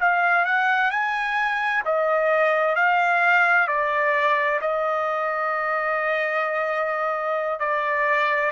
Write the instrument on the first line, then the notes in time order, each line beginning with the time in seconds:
trumpet
0.00 F5
0.45 F#5
0.91 G#5
1.85 D#5
2.76 F5
3.68 D5
4.62 D#5
7.60 D5